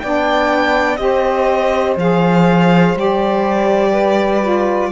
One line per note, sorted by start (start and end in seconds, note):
0.00 0.98 B3
0.00 0.98 D4
0.00 1.00 D5
0.00 0.97 G5
0.97 1.96 C4
0.97 1.96 G4
0.97 3.91 C5
0.97 1.95 D#5
1.97 2.95 F3
1.97 2.96 G#4
1.97 2.98 F5
2.95 4.92 G3
2.95 4.43 G4
2.95 4.92 D5
3.91 4.89 B4
4.43 4.92 F4